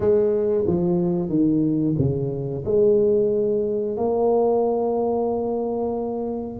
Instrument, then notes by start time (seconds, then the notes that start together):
tuba
0.00 G#3
0.67 F3
1.29 D#3
1.98 C#3
2.65 G#3
3.97 A#3